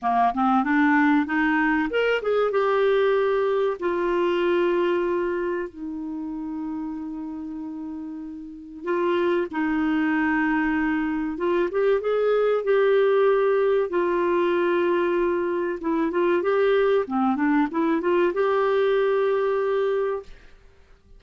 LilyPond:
\new Staff \with { instrumentName = "clarinet" } { \time 4/4 \tempo 4 = 95 ais8 c'8 d'4 dis'4 ais'8 gis'8 | g'2 f'2~ | f'4 dis'2.~ | dis'2 f'4 dis'4~ |
dis'2 f'8 g'8 gis'4 | g'2 f'2~ | f'4 e'8 f'8 g'4 c'8 d'8 | e'8 f'8 g'2. | }